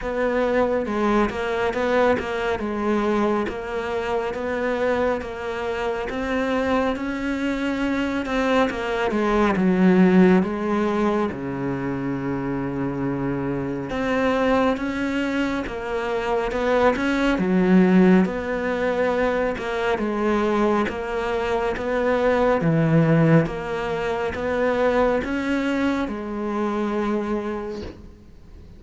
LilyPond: \new Staff \with { instrumentName = "cello" } { \time 4/4 \tempo 4 = 69 b4 gis8 ais8 b8 ais8 gis4 | ais4 b4 ais4 c'4 | cis'4. c'8 ais8 gis8 fis4 | gis4 cis2. |
c'4 cis'4 ais4 b8 cis'8 | fis4 b4. ais8 gis4 | ais4 b4 e4 ais4 | b4 cis'4 gis2 | }